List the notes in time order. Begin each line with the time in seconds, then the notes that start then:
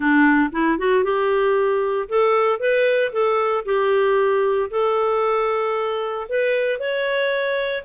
0.00 D4
0.52 E4
0.78 F#4
1.03 G4
2.08 A4
2.59 B4
3.12 A4
3.65 G4
4.70 A4
6.28 B4
6.79 C#5